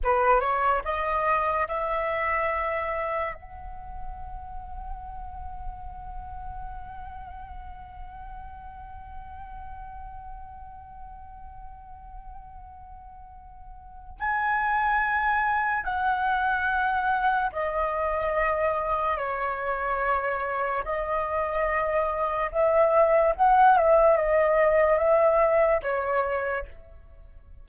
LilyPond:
\new Staff \with { instrumentName = "flute" } { \time 4/4 \tempo 4 = 72 b'8 cis''8 dis''4 e''2 | fis''1~ | fis''1~ | fis''1~ |
fis''4 gis''2 fis''4~ | fis''4 dis''2 cis''4~ | cis''4 dis''2 e''4 | fis''8 e''8 dis''4 e''4 cis''4 | }